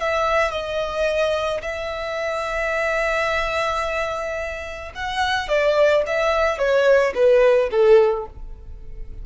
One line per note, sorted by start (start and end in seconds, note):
0.00 0.51 E5
0.51 1.61 D#5
1.62 4.92 E5
4.94 5.48 F#5
5.48 6.03 D5
6.06 6.58 E5
6.58 7.13 C#5
7.15 7.70 B4
7.71 8.26 A4